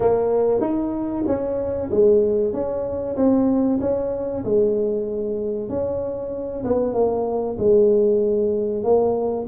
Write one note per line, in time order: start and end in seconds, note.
0.00 0.61 A#3
0.61 1.24 D#4
1.26 1.89 C#4
1.90 2.53 G#3
2.53 3.16 C#4
3.16 3.79 C4
3.80 4.44 C#4
4.44 5.69 G#3
5.69 6.63 C#4
6.64 6.93 B3
6.93 7.56 A#3
7.58 8.83 G#3
8.83 9.46 A#3